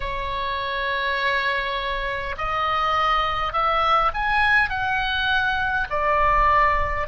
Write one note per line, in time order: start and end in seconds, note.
0.00 2.35 C#5
2.37 3.52 D#5
3.52 4.11 E5
4.13 4.70 G#5
4.70 5.87 F#5
5.89 7.07 D5